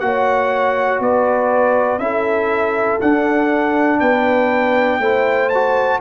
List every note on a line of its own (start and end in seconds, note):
0.00 1.00 A#3
0.00 2.00 F#4
0.00 1.02 C#5
0.00 1.00 F#5
1.00 1.99 B3
1.00 2.02 B4
1.00 1.99 D5
1.99 2.99 C#4
1.99 3.00 E4
1.99 4.00 A4
1.99 2.99 E5
3.01 5.01 D4
3.01 4.01 D4
3.01 4.00 F#5
4.00 4.99 B3
4.00 5.00 B4
4.00 5.50 G5
4.99 5.99 A3
4.99 5.51 E4
4.99 6.00 C5
5.50 6.01 F#4
5.50 6.00 A5